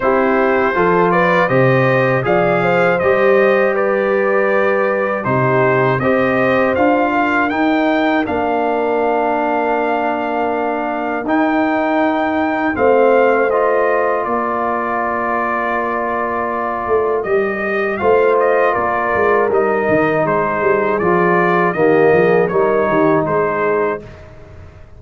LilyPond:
<<
  \new Staff \with { instrumentName = "trumpet" } { \time 4/4 \tempo 4 = 80 c''4. d''8 dis''4 f''4 | dis''4 d''2 c''4 | dis''4 f''4 g''4 f''4~ | f''2. g''4~ |
g''4 f''4 dis''4 d''4~ | d''2. dis''4 | f''8 dis''8 d''4 dis''4 c''4 | d''4 dis''4 cis''4 c''4 | }
  \new Staff \with { instrumentName = "horn" } { \time 4/4 g'4 a'8 b'8 c''4 d''8 c''8~ | c''4 b'2 g'4 | c''4. ais'2~ ais'8~ | ais'1~ |
ais'4 c''2 ais'4~ | ais'1 | c''4 ais'2 gis'4~ | gis'4 g'8 gis'8 ais'8 g'8 gis'4 | }
  \new Staff \with { instrumentName = "trombone" } { \time 4/4 e'4 f'4 g'4 gis'4 | g'2. dis'4 | g'4 f'4 dis'4 d'4~ | d'2. dis'4~ |
dis'4 c'4 f'2~ | f'2. g'4 | f'2 dis'2 | f'4 ais4 dis'2 | }
  \new Staff \with { instrumentName = "tuba" } { \time 4/4 c'4 f4 c4 f4 | g2. c4 | c'4 d'4 dis'4 ais4~ | ais2. dis'4~ |
dis'4 a2 ais4~ | ais2~ ais8 a8 g4 | a4 ais8 gis8 g8 dis8 gis8 g8 | f4 dis8 f8 g8 dis8 gis4 | }
>>